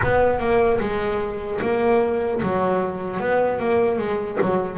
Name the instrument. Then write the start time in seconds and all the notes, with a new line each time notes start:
double bass
0.02 B3
0.39 A#3
0.80 G#3
1.61 A#3
2.42 F#3
3.20 B3
3.59 A#3
3.98 G#3
4.41 F#3